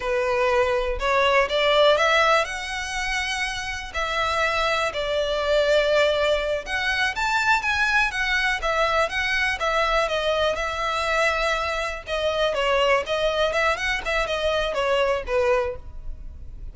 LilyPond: \new Staff \with { instrumentName = "violin" } { \time 4/4 \tempo 4 = 122 b'2 cis''4 d''4 | e''4 fis''2. | e''2 d''2~ | d''4. fis''4 a''4 gis''8~ |
gis''8 fis''4 e''4 fis''4 e''8~ | e''8 dis''4 e''2~ e''8~ | e''8 dis''4 cis''4 dis''4 e''8 | fis''8 e''8 dis''4 cis''4 b'4 | }